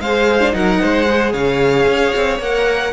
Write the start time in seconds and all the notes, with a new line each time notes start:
0.00 G#3 G#4 C5 F5
0.41 D4
0.52 F#3 D#4 A#4 F#5
0.82 G#3 C5
1.08 G#4
1.33 C#3 C#5 F5
1.87 C#4
2.16 C4
2.39 A#3 A#4 F#5